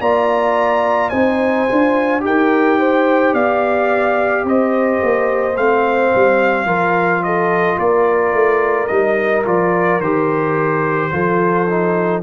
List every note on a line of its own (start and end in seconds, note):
0.00 1.11 A#3
0.00 1.12 F4
0.00 1.10 D5
0.00 1.10 A#5
1.10 1.68 C4
1.10 1.68 D#4
1.10 2.22 C5
1.10 2.21 G#5
1.69 2.24 D4
1.69 2.20 F4
2.20 3.34 D#4
2.20 5.54 G4
2.20 3.34 G5
2.27 2.79 A#4
2.79 3.34 C5
3.34 4.44 B3
3.34 4.45 D5
3.34 4.46 F5
4.44 5.00 C4
4.44 6.66 C5
4.44 5.57 D#5
5.03 5.57 A#3
5.57 6.13 A3
5.57 6.67 C4
5.57 7.23 F5
6.15 6.66 G3
6.66 7.77 F3
6.66 8.89 F4
6.66 7.22 A#4
7.23 7.78 A4
7.23 7.79 D#5
7.78 8.33 A#3
7.78 11.11 A#4
7.78 8.87 D5
8.33 8.89 A3
8.87 9.46 G3
8.87 9.45 D#4
8.87 9.43 D#5
9.45 10.00 F3
9.45 10.01 F4
9.45 10.01 D5
10.00 11.11 D#3
10.00 11.12 G4
10.00 12.23 C5
11.12 12.23 F3
11.12 11.67 F4
11.12 12.23 A4
11.70 12.23 D#4